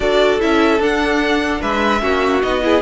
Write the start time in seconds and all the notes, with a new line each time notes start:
0.00 D4 F#4 A4 D5
0.39 C#4 E4 E5
0.79 D4 F#5
1.61 G#3 B4 E5
2.00 A#3 C#4 F#4
2.41 B3 D#4 D#5
2.62 E4 G#4